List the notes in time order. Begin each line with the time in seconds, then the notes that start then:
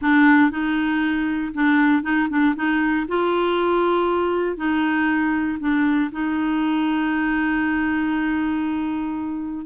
0.01 D4
0.50 D#4
1.54 D4
2.02 D#4
2.29 D4
2.55 D#4
3.08 F4
4.56 D#4
5.59 D4
6.12 D#4